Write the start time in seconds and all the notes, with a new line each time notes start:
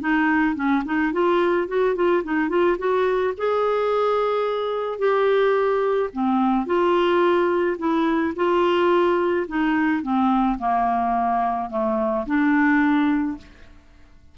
0.00 D#4
0.55 C#4
0.85 D#4
1.12 F4
1.68 F#4
1.95 F4
2.23 D#4
2.49 F4
2.78 F#4
3.37 G#4
4.98 G4
6.13 C4
6.66 F4
7.78 E4
8.35 F4
9.47 D#4
10.03 C4
10.58 A#3
11.69 A3
12.26 D4